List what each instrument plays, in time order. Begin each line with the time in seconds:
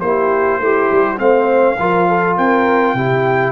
0.00 tuba A#3, trombone E4, horn G4, trumpet C5
0.59 tuba A3, horn E4, trombone G4
0.91 tuba G3
1.16 tuba A3, trombone C4, horn C5, trumpet F5
1.78 tuba F3, trombone F4, horn A#4
2.08 horn A4
2.37 tuba C4, horn A#4, trumpet G5
2.93 tuba C3, trombone E4, horn G4